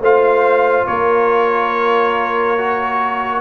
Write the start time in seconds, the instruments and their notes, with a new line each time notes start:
0.00 tuba A3, trombone F4, horn C5, trumpet F5
0.87 tuba A#3, horn A#4, trumpet C#5
2.58 trombone F#4